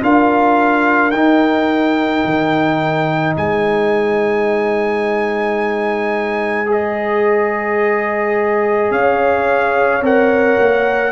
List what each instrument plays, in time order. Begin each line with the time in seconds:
0.00 tuba D4, trombone F4, horn A#4, trumpet F5
1.11 tuba D#4, trombone D#4, trumpet G5
2.25 tuba D#3
3.36 tuba G#3, horn C5, trumpet G#5
6.66 trombone G#4, trumpet D#5
8.91 tuba C#4, horn C#5, trumpet F5
10.02 tuba C4, trombone A#4, trumpet F#5
10.60 tuba A#3